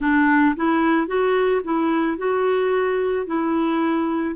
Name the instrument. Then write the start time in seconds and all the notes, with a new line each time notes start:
clarinet
0.00 D4
0.56 E4
1.07 F#4
1.64 E4
2.17 F#4
3.26 E4